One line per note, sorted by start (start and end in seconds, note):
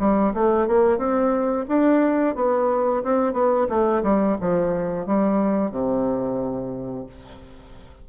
0.00 0.34 G3
0.34 0.68 A3
0.68 0.99 A#3
0.99 1.66 C4
1.69 2.36 D4
2.36 3.03 B3
3.04 3.34 C4
3.34 3.67 B3
3.70 4.03 A3
4.04 4.38 G3
4.41 5.07 F3
5.07 5.72 G3
5.72 7.07 C3